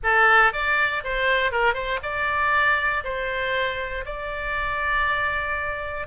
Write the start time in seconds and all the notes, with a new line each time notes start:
0.03 A4
0.52 D5
1.04 C5
1.51 A#4
1.73 C5
2.03 D5
3.03 C5
4.05 D5